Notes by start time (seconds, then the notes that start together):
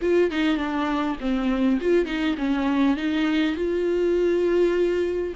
0.01 F4
0.31 D#4
0.56 D4
1.20 C4
1.80 F4
2.05 D#4
2.37 C#4
2.96 D#4
3.55 F4